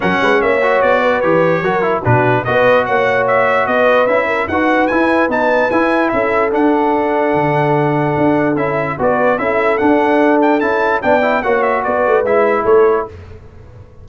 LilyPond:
<<
  \new Staff \with { instrumentName = "trumpet" } { \time 4/4 \tempo 4 = 147 fis''4 e''4 d''4 cis''4~ | cis''4 b'4 dis''4 fis''4 | e''4 dis''4 e''4 fis''4 | gis''4 a''4 gis''4 e''4 |
fis''1~ | fis''4 e''4 d''4 e''4 | fis''4. g''8 a''4 g''4 | fis''8 e''8 d''4 e''4 cis''4 | }
  \new Staff \with { instrumentName = "horn" } { \time 4/4 ais'8 b'8 cis''4. b'4. | ais'4 fis'4 b'4 cis''4~ | cis''4 b'4. ais'8 b'4~ | b'2. a'4~ |
a'1~ | a'2 b'4 a'4~ | a'2. d''4 | cis''4 b'2 a'4 | }
  \new Staff \with { instrumentName = "trombone" } { \time 4/4 cis'4. fis'4. g'4 | fis'8 e'8 d'4 fis'2~ | fis'2 e'4 fis'4 | e'4 dis'4 e'2 |
d'1~ | d'4 e'4 fis'4 e'4 | d'2 e'4 d'8 e'8 | fis'2 e'2 | }
  \new Staff \with { instrumentName = "tuba" } { \time 4/4 fis8 gis8 ais4 b4 e4 | fis4 b,4 b4 ais4~ | ais4 b4 cis'4 dis'4 | e'4 b4 e'4 cis'4 |
d'2 d2 | d'4 cis'4 b4 cis'4 | d'2 cis'4 b4 | ais4 b8 a8 gis4 a4 | }
>>